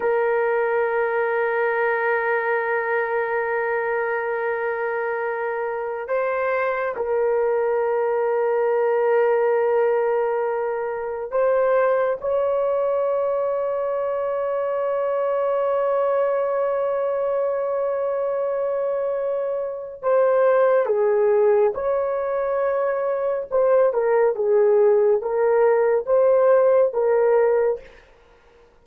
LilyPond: \new Staff \with { instrumentName = "horn" } { \time 4/4 \tempo 4 = 69 ais'1~ | ais'2. c''4 | ais'1~ | ais'4 c''4 cis''2~ |
cis''1~ | cis''2. c''4 | gis'4 cis''2 c''8 ais'8 | gis'4 ais'4 c''4 ais'4 | }